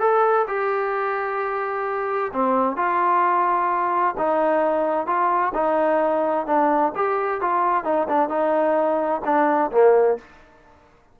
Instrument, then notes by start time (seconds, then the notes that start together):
trombone
0.00 A4
0.47 G4
2.33 C4
2.77 F4
4.18 D#4
5.06 F4
5.54 D#4
6.47 D4
6.95 G4
7.41 F4
7.84 D#4
8.09 D4
8.29 D#4
9.25 D4
9.72 A#3